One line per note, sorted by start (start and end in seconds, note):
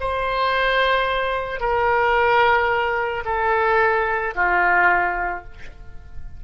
0.00 1.60 C5
1.60 3.23 A#4
3.25 4.34 A4
4.35 5.44 F4